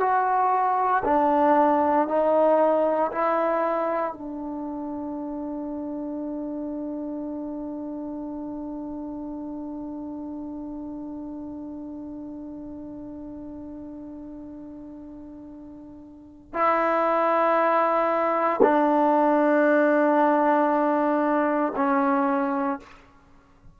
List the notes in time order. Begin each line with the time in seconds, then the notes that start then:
0.00 F#4
1.04 D4
2.08 D#4
3.12 E4
4.13 D4
16.53 E4
18.63 D4
21.76 C#4